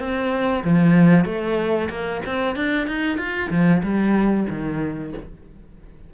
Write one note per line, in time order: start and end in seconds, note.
0.00 0.64 C4
0.64 1.26 F3
1.26 1.89 A3
1.90 2.22 A#3
2.26 2.56 C4
2.56 2.88 D4
2.88 3.18 D#4
3.18 3.50 F4
3.50 3.82 F3
3.83 4.47 G3
4.50 5.14 D#3